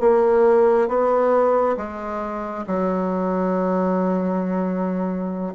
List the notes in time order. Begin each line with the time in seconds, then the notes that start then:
0.00 A#3
0.88 B3
1.76 G#3
2.67 F#3